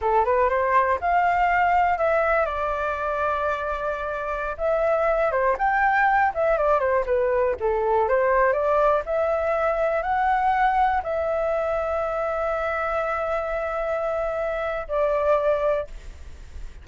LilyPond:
\new Staff \with { instrumentName = "flute" } { \time 4/4 \tempo 4 = 121 a'8 b'8 c''4 f''2 | e''4 d''2.~ | d''4~ d''16 e''4. c''8 g''8.~ | g''8. e''8 d''8 c''8 b'4 a'8.~ |
a'16 c''4 d''4 e''4.~ e''16~ | e''16 fis''2 e''4.~ e''16~ | e''1~ | e''2 d''2 | }